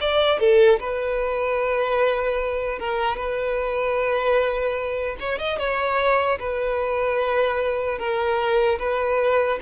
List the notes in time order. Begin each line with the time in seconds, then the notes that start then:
0.00 D5
0.39 A4
0.80 B4
2.79 A#4
3.17 B4
5.20 C#5
5.38 D#5
5.59 C#5
6.39 B4
7.99 A#4
8.79 B4